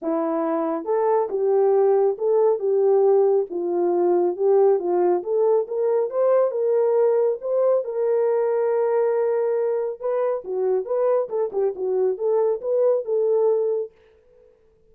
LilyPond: \new Staff \with { instrumentName = "horn" } { \time 4/4 \tempo 4 = 138 e'2 a'4 g'4~ | g'4 a'4 g'2 | f'2 g'4 f'4 | a'4 ais'4 c''4 ais'4~ |
ais'4 c''4 ais'2~ | ais'2. b'4 | fis'4 b'4 a'8 g'8 fis'4 | a'4 b'4 a'2 | }